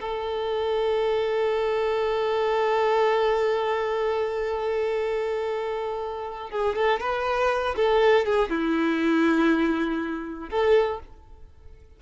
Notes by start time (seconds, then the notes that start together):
0.00 A4
6.50 G#4
6.75 A4
7.00 B4
7.75 A4
8.25 G#4
8.49 E4
10.50 A4